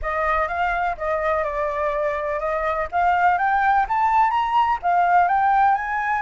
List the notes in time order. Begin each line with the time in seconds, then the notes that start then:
0.02 D#5
0.47 F5
0.97 D#5
1.44 D5
2.39 D#5
2.91 F5
3.38 G5
3.88 A5
4.30 A#5
4.82 F5
5.28 G5
5.74 G#5